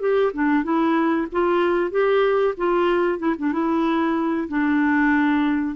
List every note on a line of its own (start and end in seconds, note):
0.00 0.32 G4
0.33 0.63 D4
0.63 1.27 E4
1.32 1.91 F4
1.91 2.54 G4
2.57 3.19 F4
3.19 3.35 E4
3.38 3.52 D4
3.52 4.48 E4
4.48 5.75 D4